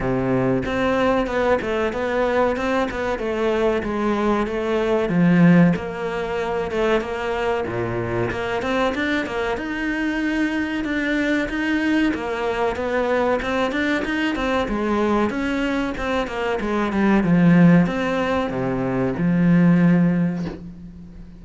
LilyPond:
\new Staff \with { instrumentName = "cello" } { \time 4/4 \tempo 4 = 94 c4 c'4 b8 a8 b4 | c'8 b8 a4 gis4 a4 | f4 ais4. a8 ais4 | ais,4 ais8 c'8 d'8 ais8 dis'4~ |
dis'4 d'4 dis'4 ais4 | b4 c'8 d'8 dis'8 c'8 gis4 | cis'4 c'8 ais8 gis8 g8 f4 | c'4 c4 f2 | }